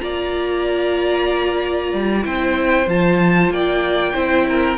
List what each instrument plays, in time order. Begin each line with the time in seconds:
0.00 cello A#3, viola F4, violin D5 A#5
1.93 cello G3
2.23 cello C4, viola E4, violin C5 G5
2.87 cello F3, viola F4, violin A5
3.50 cello A#3, violin D5 G5
4.13 cello C4, viola E4, violin C5
4.48 violin A#4